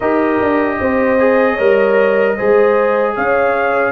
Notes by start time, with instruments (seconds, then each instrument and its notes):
0.00 tuba D#4, trombone G4, horn A#4, trumpet D#5
0.40 tuba D4
0.80 tuba C4, horn C5
1.18 trombone G#4
1.53 tuba G3, trombone A#4, horn C#5
2.35 tuba G#3, trombone G#4, horn C5
3.15 tuba C#4, horn C#5, trumpet F5